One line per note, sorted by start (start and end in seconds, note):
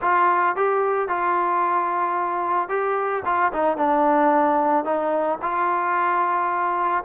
0.01 0.56 F4
0.56 1.08 G4
1.08 2.68 F4
2.68 3.22 G4
3.25 3.52 F4
3.53 3.77 D#4
3.77 4.85 D4
4.85 5.39 D#4
5.42 7.04 F4